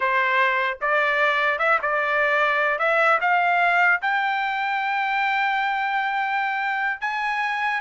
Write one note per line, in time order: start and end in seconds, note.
0.00 0.78 C5
0.81 1.58 D5
1.58 1.78 E5
1.82 2.78 D5
2.78 3.18 E5
3.20 4.00 F5
4.01 7.00 G5
7.00 7.80 G#5